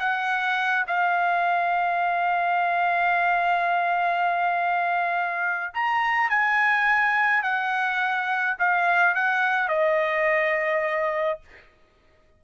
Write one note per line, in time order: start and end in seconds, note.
0.00 0.86 F#5
0.88 5.74 F5
5.75 6.30 A#5
6.30 7.43 G#5
7.43 8.57 F#5
8.59 9.15 F5
9.15 9.69 F#5
9.69 11.41 D#5